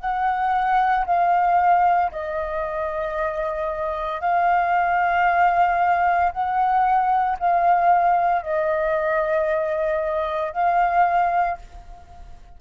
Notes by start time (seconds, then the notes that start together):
0.00 F#5
1.06 F5
2.11 D#5
4.21 F5
6.32 F#5
7.39 F5
8.42 D#5
10.52 F5